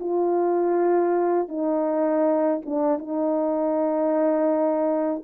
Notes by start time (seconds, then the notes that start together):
0.00 F4
1.48 D#4
2.66 D4
2.98 D#4